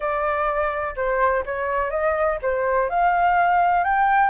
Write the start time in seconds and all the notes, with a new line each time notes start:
0.00 D5
0.96 C5
1.45 C#5
1.90 D#5
2.41 C5
2.89 F5
3.84 G5